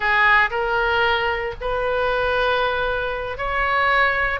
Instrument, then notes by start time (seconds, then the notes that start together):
oboe
0.00 G#4
0.50 A#4
1.60 B4
3.37 C#5